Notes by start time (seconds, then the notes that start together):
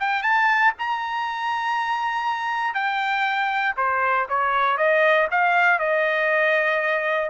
0.00 G5
0.23 A5
0.79 A#5
2.74 G5
3.77 C5
4.29 C#5
4.78 D#5
5.31 F5
5.79 D#5